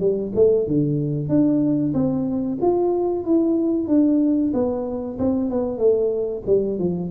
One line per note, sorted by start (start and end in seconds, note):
0.00 0.32 G3
0.35 0.67 A3
0.67 1.29 D3
1.29 1.93 D4
1.94 2.58 C4
2.62 3.25 F4
3.25 3.88 E4
3.88 4.52 D4
4.53 5.18 B3
5.19 5.50 C4
5.50 5.78 B3
5.78 6.43 A3
6.46 6.79 G3
6.79 7.11 F3